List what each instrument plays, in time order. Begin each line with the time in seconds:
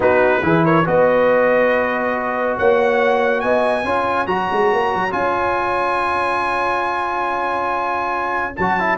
0.00 tuba B3, trombone D#4, horn F#4, trumpet B4
0.42 tuba E3, trombone E4, horn G#4
0.64 horn A#4, trumpet C#5
0.84 tuba B3, trombone F#4, horn B4, trumpet D#5
2.57 tuba A#3, horn C#5, trumpet F#5
3.40 tuba B3, horn D#5, trumpet G#5
3.84 tuba C#4, trombone F4, horn C#5
4.26 tuba F#3, trombone F#4, trumpet A#5
4.52 tuba G#3
4.72 tuba A#3
4.94 tuba F#3
5.10 tuba C#4, trombone F4, trumpet G#5
8.56 tuba F#3, trombone F#4, trumpet A5
8.79 trombone E4